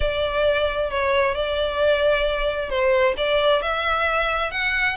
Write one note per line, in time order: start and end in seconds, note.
0.00 0.90 D5
0.90 1.35 C#5
1.35 2.69 D5
2.69 3.15 C5
3.17 3.62 D5
3.62 4.51 E5
4.51 4.96 F#5